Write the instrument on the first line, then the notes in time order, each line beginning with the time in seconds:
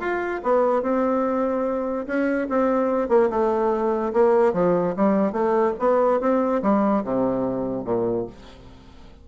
bassoon
0.00 F4
0.43 B3
0.82 C4
2.07 C#4
2.49 C4
3.09 A#3
3.30 A3
4.13 A#3
4.53 F3
4.96 G3
5.32 A3
5.79 B3
6.21 C4
6.62 G3
7.04 C3
7.85 A#2